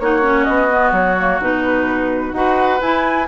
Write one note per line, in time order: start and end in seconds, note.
0.00 0.47 A#3
0.00 0.22 D#4
0.00 2.37 F#4
0.00 0.45 C#5
0.22 0.69 C#4
0.45 0.92 B3
0.45 0.91 D#5
0.71 1.18 B3
0.92 1.39 F#3
0.92 1.41 C#5
1.19 1.42 A#3
1.40 2.33 B2
1.40 2.34 D#4
1.40 2.33 B4
2.33 2.80 D#4
2.33 2.81 F#4
2.33 3.28 B4
2.33 2.80 F#5
2.81 3.28 E4
2.81 3.28 G#5